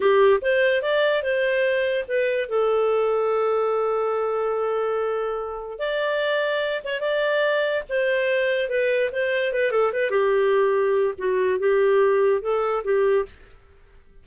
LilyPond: \new Staff \with { instrumentName = "clarinet" } { \time 4/4 \tempo 4 = 145 g'4 c''4 d''4 c''4~ | c''4 b'4 a'2~ | a'1~ | a'2 d''2~ |
d''8 cis''8 d''2 c''4~ | c''4 b'4 c''4 b'8 a'8 | b'8 g'2~ g'8 fis'4 | g'2 a'4 g'4 | }